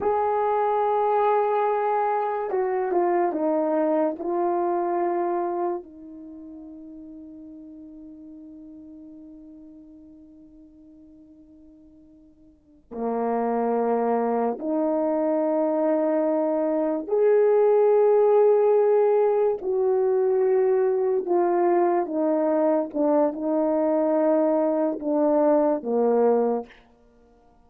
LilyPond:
\new Staff \with { instrumentName = "horn" } { \time 4/4 \tempo 4 = 72 gis'2. fis'8 f'8 | dis'4 f'2 dis'4~ | dis'1~ | dis'2.~ dis'8 ais8~ |
ais4. dis'2~ dis'8~ | dis'8 gis'2. fis'8~ | fis'4. f'4 dis'4 d'8 | dis'2 d'4 ais4 | }